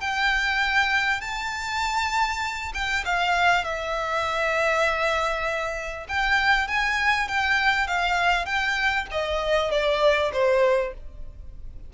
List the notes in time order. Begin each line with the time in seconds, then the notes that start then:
0.00 G5
1.20 A5
2.74 G5
3.05 F5
3.64 E5
6.08 G5
6.67 G#5
7.28 G5
7.87 F5
8.45 G5
9.11 D#5
9.71 D5
10.33 C5